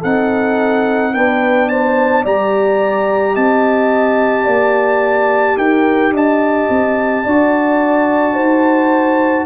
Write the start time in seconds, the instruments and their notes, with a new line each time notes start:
0.00 tuba C4, trombone D#4, horn A4, trumpet F#5
1.14 tuba B3, trombone D4, horn B4, trumpet G5
1.69 horn C5, trumpet A5
2.23 tuba G3, trombone G4, horn D5, trumpet A#5
3.35 tuba C4, horn D#5, trumpet A5
4.45 tuba A#3, horn D5
5.57 tuba D#4, horn A#4, trumpet G5
6.12 tuba D4, horn D#5, trumpet A5
6.70 tuba C4
7.25 tuba D4, trombone F#4, horn D5
8.34 tuba D#4, horn C5